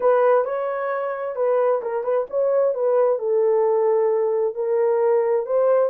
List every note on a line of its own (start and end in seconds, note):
0.00 0.44 B4
0.44 1.35 C#5
1.35 1.81 B4
1.82 2.03 A#4
2.03 2.26 B4
2.30 2.74 C#5
2.74 3.18 B4
3.18 4.55 A4
4.55 5.45 A#4
5.46 5.90 C5